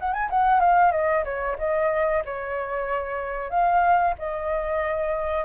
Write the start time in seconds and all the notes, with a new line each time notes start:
0.00 F#5
0.14 G#5
0.31 F#5
0.61 F5
0.92 D#5
1.25 C#5
1.59 D#5
2.26 C#5
3.51 F5
4.19 D#5